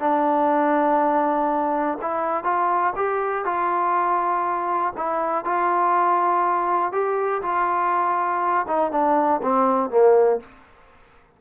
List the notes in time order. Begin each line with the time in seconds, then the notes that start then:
0.00 D4
2.02 E4
2.44 F4
2.96 G4
3.45 F4
4.97 E4
5.45 F4
6.92 G4
7.42 F4
8.68 D#4
8.92 D4
9.43 C4
9.90 A#3